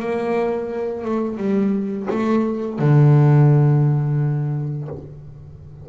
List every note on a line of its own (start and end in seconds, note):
0.00 1.05 A#3
1.05 1.38 A3
1.38 2.07 G3
2.10 2.79 A3
2.79 4.89 D3